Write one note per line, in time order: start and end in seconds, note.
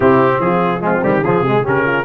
0.00 0.38 C3
0.00 0.80 C4
0.00 0.38 E4
0.00 0.40 G4
0.39 1.00 F3
0.39 0.83 F4
0.39 0.82 G#4
0.80 1.01 G#3
0.80 1.23 C4
0.80 1.03 F4
1.03 1.21 D#3
1.03 1.23 G3
1.03 1.24 G4
1.21 1.40 C#3
1.21 1.45 F3
1.21 1.43 F4
1.21 1.65 G#4
1.40 1.61 C3
1.40 1.63 G#3
1.40 1.63 G#4
1.63 2.04 C#3
1.63 2.04 C#4
1.63 1.84 G4
1.63 2.04 A#4
1.84 2.04 F4